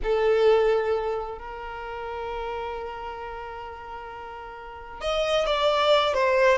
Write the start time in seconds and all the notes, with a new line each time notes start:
0.03 A4
1.38 A#4
5.00 D#5
5.45 D5
6.13 C5